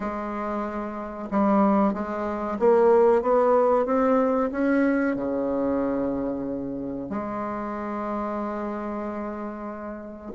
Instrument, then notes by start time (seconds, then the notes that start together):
bassoon
0.00 G#3
1.30 G3
1.93 G#3
2.59 A#3
3.22 B3
3.85 C4
4.51 C#4
5.16 C#3
7.09 G#3